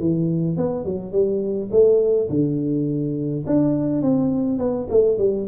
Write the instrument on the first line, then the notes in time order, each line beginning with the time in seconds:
tuba
0.00 E3
0.57 B3
0.85 F#3
1.12 G3
1.72 A3
2.30 D3
3.47 D4
4.02 C4
4.59 B3
4.90 A3
5.19 G3